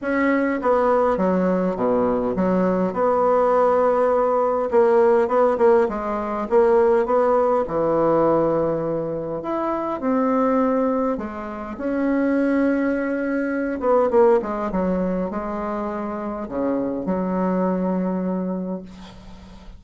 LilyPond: \new Staff \with { instrumentName = "bassoon" } { \time 4/4 \tempo 4 = 102 cis'4 b4 fis4 b,4 | fis4 b2. | ais4 b8 ais8 gis4 ais4 | b4 e2. |
e'4 c'2 gis4 | cis'2.~ cis'8 b8 | ais8 gis8 fis4 gis2 | cis4 fis2. | }